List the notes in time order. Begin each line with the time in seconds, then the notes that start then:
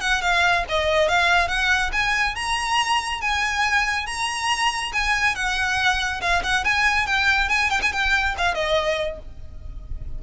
0.00 F#5
0.22 F5
0.69 D#5
1.08 F5
1.48 F#5
1.92 G#5
2.35 A#5
3.21 G#5
4.06 A#5
4.93 G#5
5.35 F#5
6.21 F5
6.43 F#5
6.64 G#5
7.06 G5
7.49 G#5
7.70 G5
7.82 G#5
7.92 G5
8.37 F5
8.54 D#5